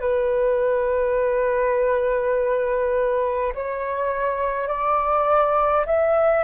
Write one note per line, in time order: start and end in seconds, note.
0.00 3.53 B4
3.55 4.67 C#5
4.67 5.85 D5
5.86 6.44 E5